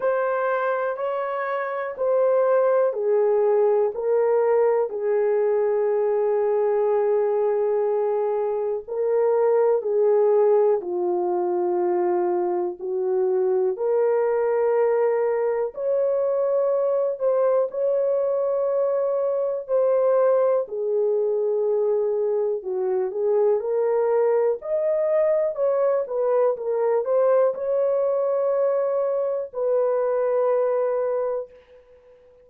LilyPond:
\new Staff \with { instrumentName = "horn" } { \time 4/4 \tempo 4 = 61 c''4 cis''4 c''4 gis'4 | ais'4 gis'2.~ | gis'4 ais'4 gis'4 f'4~ | f'4 fis'4 ais'2 |
cis''4. c''8 cis''2 | c''4 gis'2 fis'8 gis'8 | ais'4 dis''4 cis''8 b'8 ais'8 c''8 | cis''2 b'2 | }